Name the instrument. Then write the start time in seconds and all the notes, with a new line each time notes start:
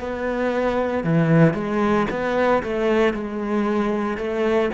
cello
0.00 B3
1.04 E3
1.54 G#3
2.10 B3
2.63 A3
3.13 G#3
4.17 A3